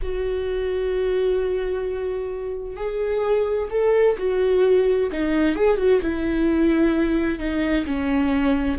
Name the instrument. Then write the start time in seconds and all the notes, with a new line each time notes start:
viola
0.02 F#4
2.76 G#4
3.70 A4
4.18 F#4
5.11 D#4
5.55 G#4
5.77 F#4
6.01 E4
7.38 D#4
7.85 C#4